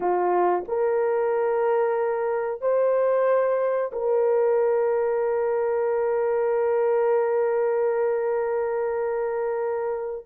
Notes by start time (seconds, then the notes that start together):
0.00 F4
0.68 A#4
2.61 C5
3.92 A#4